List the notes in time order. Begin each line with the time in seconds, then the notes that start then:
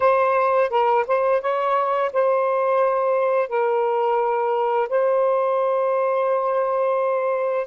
0.00 C5
0.70 A#4
1.07 C5
1.41 C#5
2.12 C5
3.49 A#4
4.89 C5